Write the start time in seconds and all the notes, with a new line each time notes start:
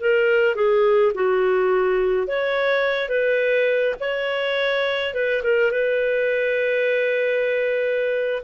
0.00 A#4
0.55 G#4
1.14 F#4
2.27 C#5
3.09 B4
4.00 C#5
5.14 B4
5.43 A#4
5.71 B4